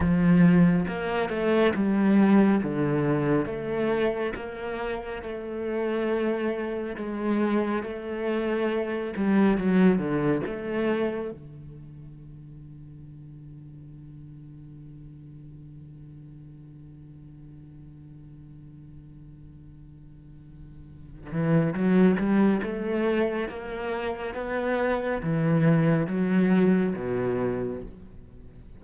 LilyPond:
\new Staff \with { instrumentName = "cello" } { \time 4/4 \tempo 4 = 69 f4 ais8 a8 g4 d4 | a4 ais4 a2 | gis4 a4. g8 fis8 d8 | a4 d2.~ |
d1~ | d1~ | d8 e8 fis8 g8 a4 ais4 | b4 e4 fis4 b,4 | }